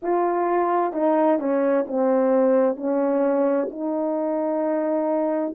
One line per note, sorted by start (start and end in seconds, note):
0.02 0.92 F4
0.92 1.38 D#4
1.39 1.85 C#4
1.87 2.76 C4
2.76 3.68 C#4
3.70 5.54 D#4